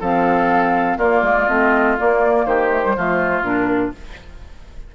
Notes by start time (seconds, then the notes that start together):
0.00 F3 C4 A4 F5
0.97 A#3 F4 D5
1.22 G#3
1.48 A3 C4 D#5
1.97 A#3 D5
2.46 D#3 G4 C5
2.70 A3
2.85 G3
2.97 F3 A3 F4
3.42 A#2 D4 A#4